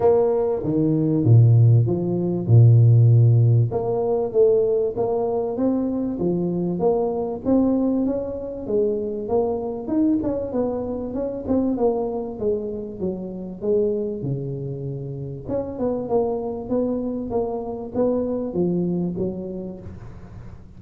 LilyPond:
\new Staff \with { instrumentName = "tuba" } { \time 4/4 \tempo 4 = 97 ais4 dis4 ais,4 f4 | ais,2 ais4 a4 | ais4 c'4 f4 ais4 | c'4 cis'4 gis4 ais4 |
dis'8 cis'8 b4 cis'8 c'8 ais4 | gis4 fis4 gis4 cis4~ | cis4 cis'8 b8 ais4 b4 | ais4 b4 f4 fis4 | }